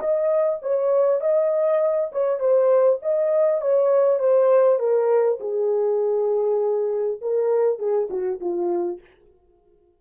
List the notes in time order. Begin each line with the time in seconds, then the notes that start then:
0.00 D#5
0.62 C#5
1.21 D#5
2.12 C#5
2.40 C5
3.02 D#5
3.61 C#5
4.19 C5
4.79 A#4
5.40 G#4
7.21 A#4
7.79 G#4
8.10 F#4
8.41 F4